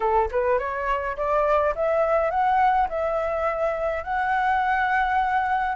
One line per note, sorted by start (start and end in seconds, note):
0.00 0.29 A4
0.31 0.58 B4
0.58 1.16 C#5
1.16 1.74 D5
1.75 2.30 E5
2.30 2.87 F#5
2.88 4.03 E5
4.03 5.75 F#5